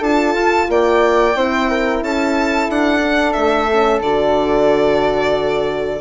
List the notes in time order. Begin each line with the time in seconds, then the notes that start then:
0.00 D4 F4 A4 A5
0.34 F4
0.69 A#3 D5 G5
1.34 C4 E4 C5
1.70 A#4
2.02 C#4 A4 A5
2.69 D4 F#5
3.02 D4
3.32 A3 E5
3.70 C#4
4.00 D3 F#4 D5